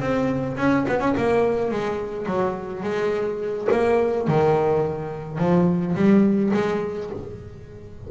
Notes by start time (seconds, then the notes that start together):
0.00 C4
0.57 C#4
0.88 B3
1.00 C#4
1.17 A#3
1.71 G#3
2.26 F#3
2.83 G#3
3.72 A#3
4.28 D#3
5.39 F3
5.95 G3
6.54 G#3